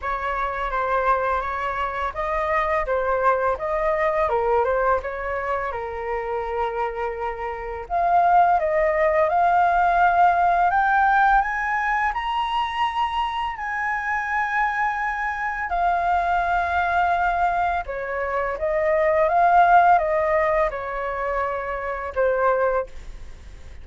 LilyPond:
\new Staff \with { instrumentName = "flute" } { \time 4/4 \tempo 4 = 84 cis''4 c''4 cis''4 dis''4 | c''4 dis''4 ais'8 c''8 cis''4 | ais'2. f''4 | dis''4 f''2 g''4 |
gis''4 ais''2 gis''4~ | gis''2 f''2~ | f''4 cis''4 dis''4 f''4 | dis''4 cis''2 c''4 | }